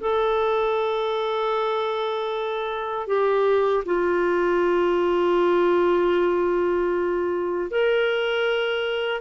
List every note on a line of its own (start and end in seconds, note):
0.00 3.07 A4
3.07 3.84 G4
3.86 7.70 F4
7.71 9.21 A#4